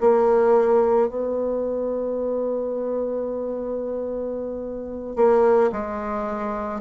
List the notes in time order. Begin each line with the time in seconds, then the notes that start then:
0.00 A#3
1.08 B3
5.16 A#3
5.72 G#3